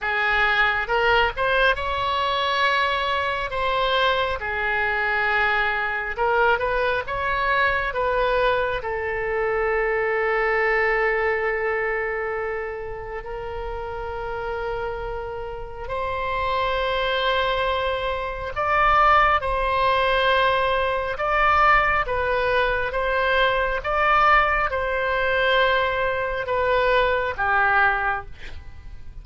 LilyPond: \new Staff \with { instrumentName = "oboe" } { \time 4/4 \tempo 4 = 68 gis'4 ais'8 c''8 cis''2 | c''4 gis'2 ais'8 b'8 | cis''4 b'4 a'2~ | a'2. ais'4~ |
ais'2 c''2~ | c''4 d''4 c''2 | d''4 b'4 c''4 d''4 | c''2 b'4 g'4 | }